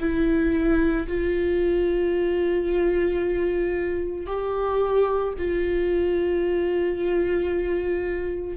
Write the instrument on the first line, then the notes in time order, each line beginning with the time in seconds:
viola
0.00 E4
1.08 F4
4.27 G4
5.38 F4